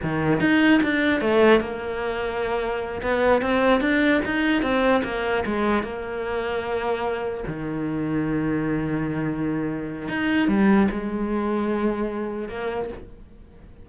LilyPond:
\new Staff \with { instrumentName = "cello" } { \time 4/4 \tempo 4 = 149 dis4 dis'4 d'4 a4 | ais2.~ ais8 b8~ | b8 c'4 d'4 dis'4 c'8~ | c'8 ais4 gis4 ais4.~ |
ais2~ ais8 dis4.~ | dis1~ | dis4 dis'4 g4 gis4~ | gis2. ais4 | }